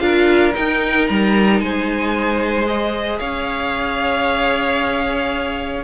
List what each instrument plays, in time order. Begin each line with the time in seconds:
0.00 cello D4, viola F4, violin A#4 F5
0.52 viola D#4, violin G5
0.59 cello D#4
1.08 cello G3, violin A#5
1.60 cello G#3, violin C5 G#5
2.67 viola G#4, violin D#5
3.19 cello C#4, violin C#5 F5